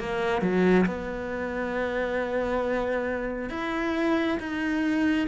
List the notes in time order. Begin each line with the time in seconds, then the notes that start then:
0.00 A#3
0.42 F#3
0.86 B3
3.50 E4
4.40 D#4